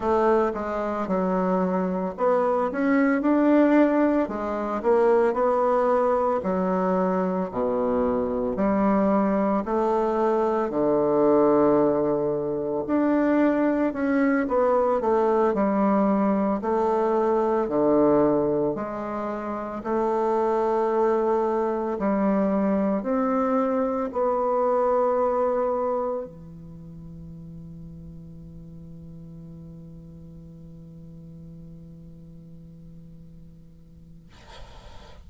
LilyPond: \new Staff \with { instrumentName = "bassoon" } { \time 4/4 \tempo 4 = 56 a8 gis8 fis4 b8 cis'8 d'4 | gis8 ais8 b4 fis4 b,4 | g4 a4 d2 | d'4 cis'8 b8 a8 g4 a8~ |
a8 d4 gis4 a4.~ | a8 g4 c'4 b4.~ | b8 e2.~ e8~ | e1 | }